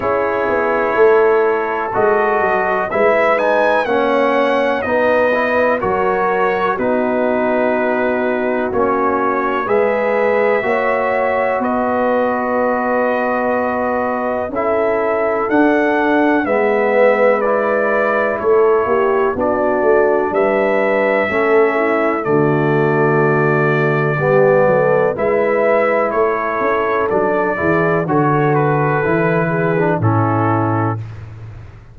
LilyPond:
<<
  \new Staff \with { instrumentName = "trumpet" } { \time 4/4 \tempo 4 = 62 cis''2 dis''4 e''8 gis''8 | fis''4 dis''4 cis''4 b'4~ | b'4 cis''4 e''2 | dis''2. e''4 |
fis''4 e''4 d''4 cis''4 | d''4 e''2 d''4~ | d''2 e''4 cis''4 | d''4 cis''8 b'4. a'4 | }
  \new Staff \with { instrumentName = "horn" } { \time 4/4 gis'4 a'2 b'4 | cis''4 b'4 ais'4 fis'4~ | fis'2 b'4 cis''4 | b'2. a'4~ |
a'4 b'2 a'8 g'8 | fis'4 b'4 a'8 e'8 fis'4~ | fis'4 g'8 a'8 b'4 a'4~ | a'8 gis'8 a'4. gis'8 e'4 | }
  \new Staff \with { instrumentName = "trombone" } { \time 4/4 e'2 fis'4 e'8 dis'8 | cis'4 dis'8 e'8 fis'4 dis'4~ | dis'4 cis'4 gis'4 fis'4~ | fis'2. e'4 |
d'4 b4 e'2 | d'2 cis'4 a4~ | a4 b4 e'2 | d'8 e'8 fis'4 e'8. d'16 cis'4 | }
  \new Staff \with { instrumentName = "tuba" } { \time 4/4 cis'8 b8 a4 gis8 fis8 gis4 | ais4 b4 fis4 b4~ | b4 ais4 gis4 ais4 | b2. cis'4 |
d'4 gis2 a8 ais8 | b8 a8 g4 a4 d4~ | d4 g8 fis8 gis4 a8 cis'8 | fis8 e8 d4 e4 a,4 | }
>>